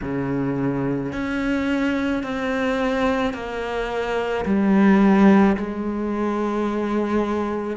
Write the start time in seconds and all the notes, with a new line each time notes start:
0.01 C#3
1.12 C#4
2.23 C4
3.33 A#3
4.45 G3
5.57 G#3